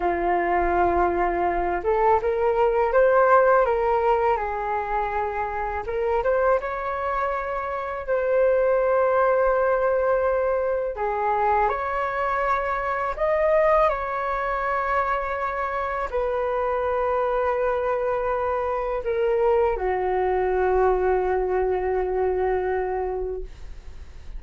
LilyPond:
\new Staff \with { instrumentName = "flute" } { \time 4/4 \tempo 4 = 82 f'2~ f'8 a'8 ais'4 | c''4 ais'4 gis'2 | ais'8 c''8 cis''2 c''4~ | c''2. gis'4 |
cis''2 dis''4 cis''4~ | cis''2 b'2~ | b'2 ais'4 fis'4~ | fis'1 | }